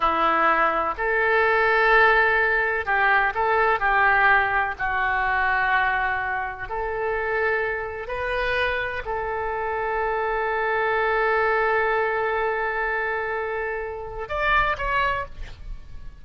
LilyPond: \new Staff \with { instrumentName = "oboe" } { \time 4/4 \tempo 4 = 126 e'2 a'2~ | a'2 g'4 a'4 | g'2 fis'2~ | fis'2 a'2~ |
a'4 b'2 a'4~ | a'1~ | a'1~ | a'2 d''4 cis''4 | }